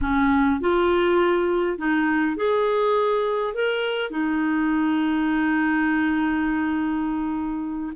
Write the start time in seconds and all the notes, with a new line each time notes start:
0.01 C#4
0.60 F4
1.78 D#4
2.36 G#4
3.54 A#4
4.10 D#4